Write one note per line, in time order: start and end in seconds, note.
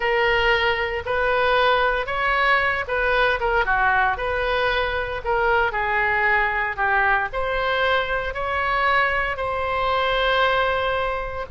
0.00 1.03 A#4
1.05 2.06 B4
2.06 2.84 C#5
2.87 3.39 B4
3.40 3.65 A#4
3.65 4.17 F#4
4.17 5.21 B4
5.24 5.72 A#4
5.72 6.76 G#4
6.76 7.28 G4
7.32 8.34 C5
8.34 9.37 C#5
9.37 11.45 C5